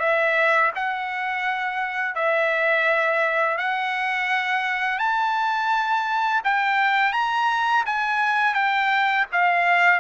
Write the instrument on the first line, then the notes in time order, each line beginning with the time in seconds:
trumpet
0.00 E5
0.76 F#5
2.15 E5
3.58 F#5
4.99 A5
6.44 G5
7.13 A#5
7.86 G#5
8.55 G5
9.32 F5